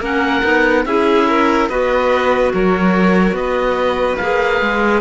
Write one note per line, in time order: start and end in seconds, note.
0.00 0.42 A#3
0.00 0.42 C#4
0.00 0.84 A#4
0.00 0.86 F#5
0.42 0.85 B3
0.42 0.84 D#4
0.85 1.69 C#4
0.85 1.70 E4
0.85 1.28 G#4
0.85 1.69 E5
1.28 1.69 A#4
1.69 2.53 B3
1.69 4.20 F#4
1.69 2.52 B4
1.69 2.53 D#5
2.53 3.32 F#3
2.53 3.36 A#4
2.53 3.36 C#5
3.32 4.16 B3
3.32 5.01 B4
3.32 4.17 D#5
4.17 4.61 A#3
4.17 5.01 G#4
4.17 5.00 F5
4.61 5.01 G#3